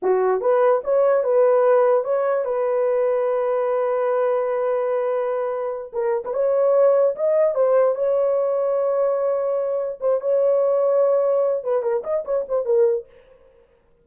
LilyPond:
\new Staff \with { instrumentName = "horn" } { \time 4/4 \tempo 4 = 147 fis'4 b'4 cis''4 b'4~ | b'4 cis''4 b'2~ | b'1~ | b'2~ b'8 ais'8. b'16 cis''8~ |
cis''4. dis''4 c''4 cis''8~ | cis''1~ | cis''8 c''8 cis''2.~ | cis''8 b'8 ais'8 dis''8 cis''8 c''8 ais'4 | }